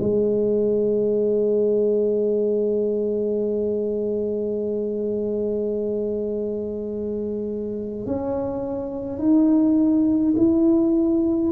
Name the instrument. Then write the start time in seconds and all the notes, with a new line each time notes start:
tuba
0.00 G#3
8.06 C#4
9.19 D#4
10.36 E4